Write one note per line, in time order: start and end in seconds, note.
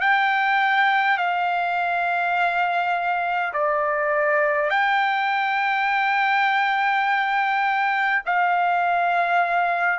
0.00 1.17 G5
1.17 3.52 F5
3.53 4.70 D5
4.70 8.22 G5
8.25 9.99 F5